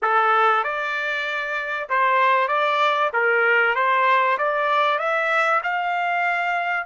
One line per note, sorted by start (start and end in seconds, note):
0.01 0.63 A4
0.63 1.88 D5
1.89 2.48 C5
2.48 3.10 D5
3.12 3.75 A#4
3.75 4.37 C5
4.38 4.98 D5
4.98 5.61 E5
5.63 6.86 F5